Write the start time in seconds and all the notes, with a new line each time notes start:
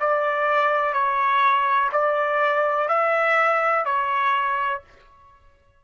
0.00 D5
0.93 C#5
1.92 D5
2.88 E5
3.85 C#5